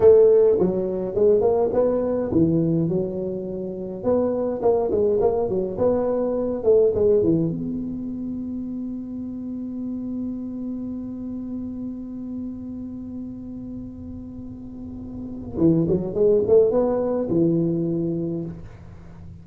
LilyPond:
\new Staff \with { instrumentName = "tuba" } { \time 4/4 \tempo 4 = 104 a4 fis4 gis8 ais8 b4 | e4 fis2 b4 | ais8 gis8 ais8 fis8 b4. a8 | gis8 e8 b2.~ |
b1~ | b1~ | b2. e8 fis8 | gis8 a8 b4 e2 | }